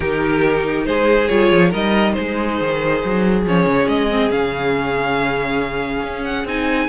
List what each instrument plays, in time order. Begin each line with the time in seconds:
0.00 cello D#3, viola D#4, violin G4 A#4
0.85 cello G#3, violin G#4 C5
1.28 cello G3, viola F4, violin C#5
1.51 cello F3
1.69 cello G3, viola D#4, violin A#4 D#5
2.13 cello G#3, violin G#4 C5
2.60 cello D#3
3.04 cello F#3
3.45 cello F3, viola C#4, violin C#5
3.65 cello C#3
3.88 cello G#3, violin D#5
4.10 viola C4
4.30 cello C#3, viola C#4, violin F5
6.03 cello C#4
6.24 violin F#5
6.44 cello C4, viola D#4, violin G#5